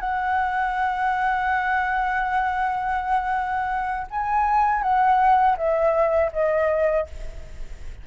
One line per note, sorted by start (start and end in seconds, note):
0.00 4.07 F#5
4.11 4.82 G#5
4.82 5.57 F#5
5.58 6.32 E5
6.33 7.07 D#5